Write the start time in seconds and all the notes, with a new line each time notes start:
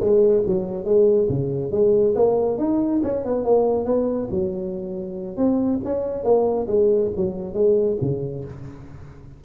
0.00 G#3
0.46 F#3
0.84 G#3
1.29 C#3
1.71 G#3
2.15 A#3
2.58 D#4
3.03 C#4
3.25 B3
3.44 A#3
3.85 B3
4.30 F#3
5.36 C4
5.84 C#4
6.23 A#3
6.67 G#3
7.16 F#3
7.53 G#3
8.01 C#3